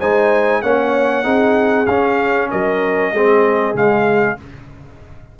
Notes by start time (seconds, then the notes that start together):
0.00 G#3 D#4 C5 G#5
0.62 A#3 C#4 C#5 F#5
1.23 C4 D#4 G#4
1.86 C#4 F5
2.51 F#3 A#4 D#5
3.12 G#3 C4 G#4
3.74 C#3 G#3 F5